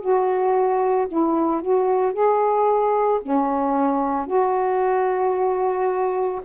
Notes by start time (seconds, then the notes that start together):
0.00 F#4
1.08 E4
1.61 F#4
2.13 G#4
3.21 C#4
4.26 F#4